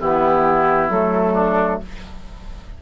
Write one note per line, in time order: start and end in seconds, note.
0.00 0.89 E3
0.00 0.91 B3
0.00 1.33 E4
0.00 0.91 G4
0.89 1.80 F#3
0.89 1.82 A3
0.89 1.82 A4
1.33 1.79 D4